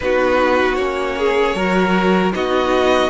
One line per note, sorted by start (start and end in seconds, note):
0.00 0.77 B3
0.00 0.78 D#4
0.00 1.18 F#4
0.00 0.75 B4
0.75 1.54 A#3
0.75 1.56 C#4
0.75 2.31 C#5
1.18 1.55 G#4
1.54 2.32 F#3
1.54 2.32 F#4
1.54 2.33 A#4
2.32 3.09 B3
2.32 3.09 D#4
2.32 3.09 F#4
2.32 3.09 D#5